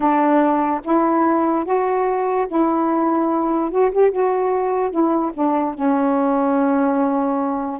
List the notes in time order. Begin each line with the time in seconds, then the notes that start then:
0.00 D4
0.84 E4
1.64 F#4
2.48 E4
3.70 F#4
3.91 G4
4.11 F#4
4.90 E4
5.33 D4
5.74 C#4